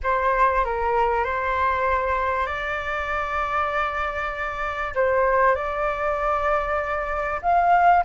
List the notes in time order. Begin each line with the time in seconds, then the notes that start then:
0.03 C5
0.64 A#4
1.24 C5
2.46 D5
4.95 C5
5.55 D5
7.42 F5